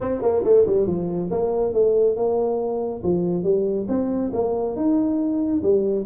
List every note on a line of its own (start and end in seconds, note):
0.00 0.22 C4
0.22 0.43 A#3
0.44 0.65 A3
0.66 0.86 G3
0.86 1.29 F3
1.31 1.73 A#3
1.73 2.16 A3
2.16 3.02 A#3
3.03 3.43 F3
3.43 3.86 G3
3.88 4.31 C4
4.33 4.75 A#3
4.75 5.62 D#4
5.62 6.05 G3